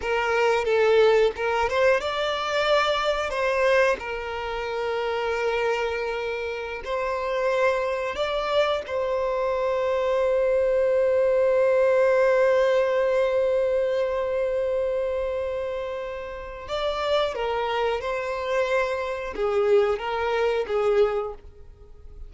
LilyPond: \new Staff \with { instrumentName = "violin" } { \time 4/4 \tempo 4 = 90 ais'4 a'4 ais'8 c''8 d''4~ | d''4 c''4 ais'2~ | ais'2~ ais'16 c''4.~ c''16~ | c''16 d''4 c''2~ c''8.~ |
c''1~ | c''1~ | c''4 d''4 ais'4 c''4~ | c''4 gis'4 ais'4 gis'4 | }